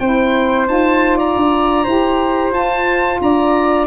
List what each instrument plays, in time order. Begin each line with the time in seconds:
0.00 tuba C4, saxophone E4, flute C5, oboe G5
0.67 tuba D#4, saxophone F4, oboe A5
1.17 flute D5, oboe A#5
1.36 tuba D4
1.84 tuba E4, saxophone G4, flute C5
2.52 tuba F4, saxophone F4, oboe A5
3.21 tuba D4, flute D5, oboe A#5